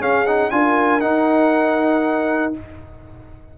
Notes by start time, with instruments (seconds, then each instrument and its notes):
0.00 trombone C#4, tuba C#4, horn G#4, trumpet F5
0.26 trombone D#4, trumpet F#5
0.51 tuba D4, trombone F4, horn A#4, trumpet G#5
1.01 trombone D#4, tuba D#4, trumpet F#5